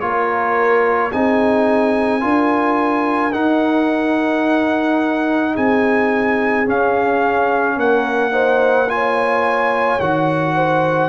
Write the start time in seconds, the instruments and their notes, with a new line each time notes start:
0.00 tuba A#3, trombone F4, horn A#4, trumpet C#5
1.12 tuba C4, trombone D#4, horn G#4, trumpet G#5
2.20 tuba D4, trombone F4, horn A#4
3.32 trombone D#4, tuba D#4, trumpet F#5
5.54 tuba C4, horn G#4, trumpet G#5
6.65 trombone C#4, tuba C#4, trumpet F5
7.76 tuba A#3, horn A#4, trumpet F#5
8.31 trombone D#4, horn C5
8.88 trombone F4, horn C#5, trumpet G#5
9.99 tuba D#3, trombone F#4, trumpet F#5
10.55 horn C5